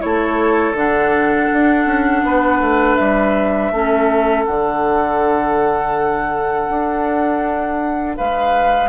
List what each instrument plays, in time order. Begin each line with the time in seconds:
0.00 bassoon A3, clarinet E4, oboe A4, flute C#5
0.74 bassoon D3, clarinet D4, flute F#5
1.53 bassoon D4
1.86 bassoon C#4
2.24 bassoon B3, oboe B4
2.61 bassoon A3
2.96 bassoon G3, flute E5
3.71 bassoon A3, clarinet C#4, oboe A4
4.45 bassoon D3, clarinet D4, flute F#5
6.69 bassoon D4
8.17 bassoon G#3, oboe B4, flute F5